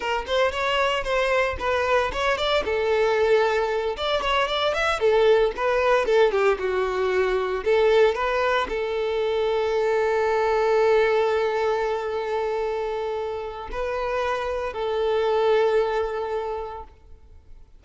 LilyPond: \new Staff \with { instrumentName = "violin" } { \time 4/4 \tempo 4 = 114 ais'8 c''8 cis''4 c''4 b'4 | cis''8 d''8 a'2~ a'8 d''8 | cis''8 d''8 e''8 a'4 b'4 a'8 | g'8 fis'2 a'4 b'8~ |
b'8 a'2.~ a'8~ | a'1~ | a'2 b'2 | a'1 | }